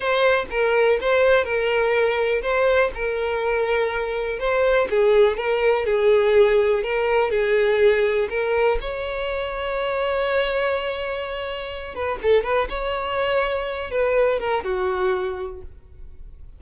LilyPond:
\new Staff \with { instrumentName = "violin" } { \time 4/4 \tempo 4 = 123 c''4 ais'4 c''4 ais'4~ | ais'4 c''4 ais'2~ | ais'4 c''4 gis'4 ais'4 | gis'2 ais'4 gis'4~ |
gis'4 ais'4 cis''2~ | cis''1~ | cis''8 b'8 a'8 b'8 cis''2~ | cis''8 b'4 ais'8 fis'2 | }